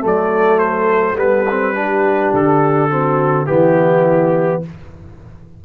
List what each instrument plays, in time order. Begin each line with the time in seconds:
0.00 tuba F#3, trombone A3, horn A4
0.07 trumpet D5
0.59 trumpet C5
1.16 tuba G3, trombone B3, trumpet B4
1.50 trombone C4
1.74 trombone D4, horn G4
2.33 tuba D3, trumpet A4
2.90 trombone C4, horn F#4
3.46 tuba E3, trombone B3, horn E4, trumpet G4